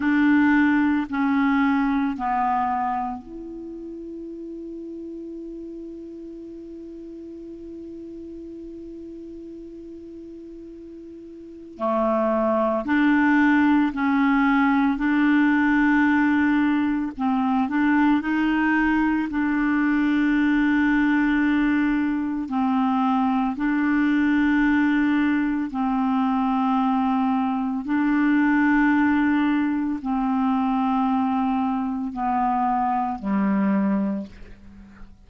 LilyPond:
\new Staff \with { instrumentName = "clarinet" } { \time 4/4 \tempo 4 = 56 d'4 cis'4 b4 e'4~ | e'1~ | e'2. a4 | d'4 cis'4 d'2 |
c'8 d'8 dis'4 d'2~ | d'4 c'4 d'2 | c'2 d'2 | c'2 b4 g4 | }